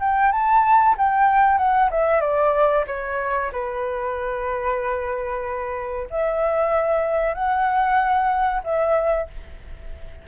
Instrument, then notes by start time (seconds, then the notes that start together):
flute
0.00 G5
0.32 A5
0.98 G5
1.58 F#5
1.91 E5
2.21 D5
2.87 C#5
3.53 B4
6.10 E5
7.34 F#5
8.64 E5